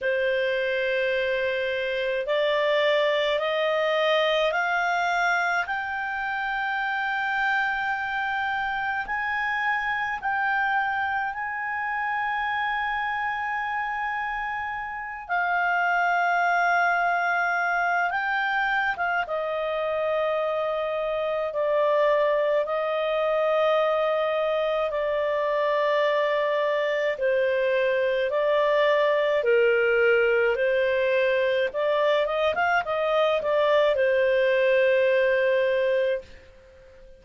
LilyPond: \new Staff \with { instrumentName = "clarinet" } { \time 4/4 \tempo 4 = 53 c''2 d''4 dis''4 | f''4 g''2. | gis''4 g''4 gis''2~ | gis''4. f''2~ f''8 |
g''8. f''16 dis''2 d''4 | dis''2 d''2 | c''4 d''4 ais'4 c''4 | d''8 dis''16 f''16 dis''8 d''8 c''2 | }